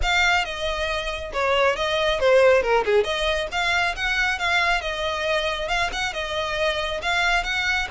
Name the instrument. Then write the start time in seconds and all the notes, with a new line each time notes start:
violin
0.02 F5
0.44 D#5
1.32 C#5
1.76 D#5
2.19 C5
2.62 A#4
2.85 G#4
3.03 D#5
3.51 F5
3.96 F#5
4.39 F5
4.81 D#5
5.68 F5
5.92 F#5
6.13 D#5
7.02 F5
7.43 F#5